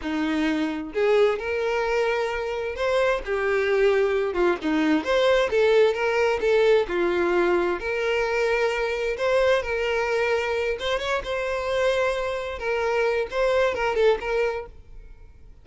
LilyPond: \new Staff \with { instrumentName = "violin" } { \time 4/4 \tempo 4 = 131 dis'2 gis'4 ais'4~ | ais'2 c''4 g'4~ | g'4. f'8 dis'4 c''4 | a'4 ais'4 a'4 f'4~ |
f'4 ais'2. | c''4 ais'2~ ais'8 c''8 | cis''8 c''2. ais'8~ | ais'4 c''4 ais'8 a'8 ais'4 | }